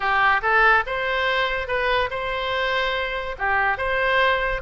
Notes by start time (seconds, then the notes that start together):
0.00 G4
0.42 A4
0.86 C5
1.67 B4
2.10 C5
3.38 G4
3.77 C5